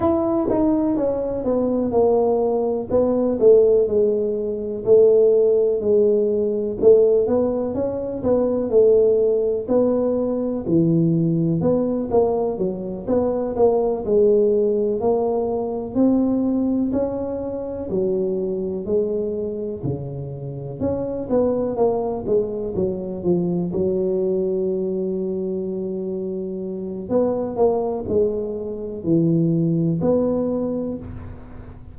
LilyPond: \new Staff \with { instrumentName = "tuba" } { \time 4/4 \tempo 4 = 62 e'8 dis'8 cis'8 b8 ais4 b8 a8 | gis4 a4 gis4 a8 b8 | cis'8 b8 a4 b4 e4 | b8 ais8 fis8 b8 ais8 gis4 ais8~ |
ais8 c'4 cis'4 fis4 gis8~ | gis8 cis4 cis'8 b8 ais8 gis8 fis8 | f8 fis2.~ fis8 | b8 ais8 gis4 e4 b4 | }